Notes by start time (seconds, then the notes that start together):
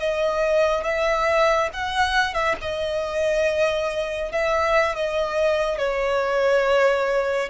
0.00 D#5
0.84 E5
1.73 F#5
2.34 E5
2.61 D#5
4.32 E5
4.96 D#5
5.78 C#5